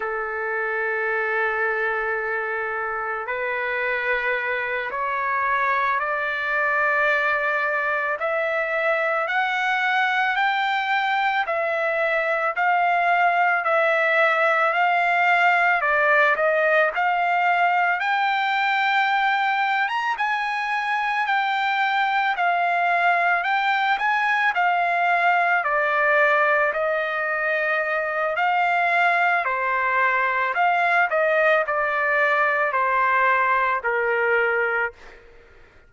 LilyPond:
\new Staff \with { instrumentName = "trumpet" } { \time 4/4 \tempo 4 = 55 a'2. b'4~ | b'8 cis''4 d''2 e''8~ | e''8 fis''4 g''4 e''4 f''8~ | f''8 e''4 f''4 d''8 dis''8 f''8~ |
f''8 g''4.~ g''16 ais''16 gis''4 g''8~ | g''8 f''4 g''8 gis''8 f''4 d''8~ | d''8 dis''4. f''4 c''4 | f''8 dis''8 d''4 c''4 ais'4 | }